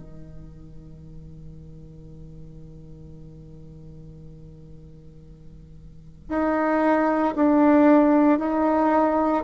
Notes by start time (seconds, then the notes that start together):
0.00 D#3
6.29 D#4
7.36 D4
8.39 D#4